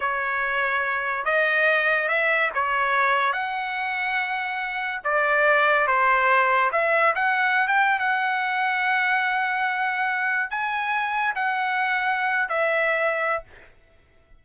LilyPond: \new Staff \with { instrumentName = "trumpet" } { \time 4/4 \tempo 4 = 143 cis''2. dis''4~ | dis''4 e''4 cis''2 | fis''1 | d''2 c''2 |
e''4 fis''4~ fis''16 g''8. fis''4~ | fis''1~ | fis''4 gis''2 fis''4~ | fis''4.~ fis''16 e''2~ e''16 | }